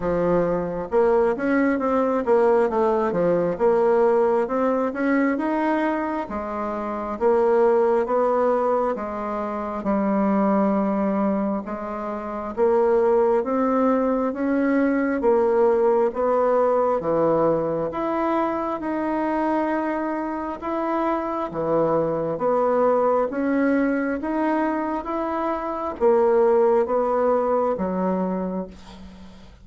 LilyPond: \new Staff \with { instrumentName = "bassoon" } { \time 4/4 \tempo 4 = 67 f4 ais8 cis'8 c'8 ais8 a8 f8 | ais4 c'8 cis'8 dis'4 gis4 | ais4 b4 gis4 g4~ | g4 gis4 ais4 c'4 |
cis'4 ais4 b4 e4 | e'4 dis'2 e'4 | e4 b4 cis'4 dis'4 | e'4 ais4 b4 fis4 | }